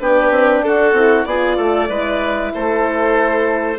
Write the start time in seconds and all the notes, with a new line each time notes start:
0.00 B3 D4 G4 B4
0.31 C4
0.61 D4 F#4 A4
0.93 C4 E4
1.25 B3 F4 G#4 D5
1.56 A3 A4
1.89 G#3 E4 B4
2.54 A3 A4 C5